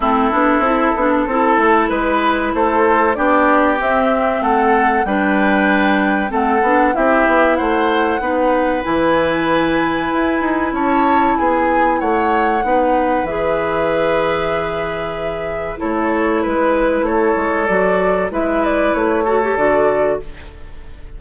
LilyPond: <<
  \new Staff \with { instrumentName = "flute" } { \time 4/4 \tempo 4 = 95 a'2. b'4 | c''4 d''4 e''4 fis''4 | g''2 fis''4 e''4 | fis''2 gis''2~ |
gis''4 a''4 gis''4 fis''4~ | fis''4 e''2.~ | e''4 cis''4 b'4 cis''4 | d''4 e''8 d''8 cis''4 d''4 | }
  \new Staff \with { instrumentName = "oboe" } { \time 4/4 e'2 a'4 b'4 | a'4 g'2 a'4 | b'2 a'4 g'4 | c''4 b'2.~ |
b'4 cis''4 gis'4 cis''4 | b'1~ | b'4 a'4 b'4 a'4~ | a'4 b'4. a'4. | }
  \new Staff \with { instrumentName = "clarinet" } { \time 4/4 c'8 d'8 e'8 d'8 e'2~ | e'4 d'4 c'2 | d'2 c'8 d'8 e'4~ | e'4 dis'4 e'2~ |
e'1 | dis'4 gis'2.~ | gis'4 e'2. | fis'4 e'4. fis'16 g'16 fis'4 | }
  \new Staff \with { instrumentName = "bassoon" } { \time 4/4 a8 b8 c'8 b8 c'8 a8 gis4 | a4 b4 c'4 a4 | g2 a8 b8 c'8 b8 | a4 b4 e2 |
e'8 dis'8 cis'4 b4 a4 | b4 e2.~ | e4 a4 gis4 a8 gis8 | fis4 gis4 a4 d4 | }
>>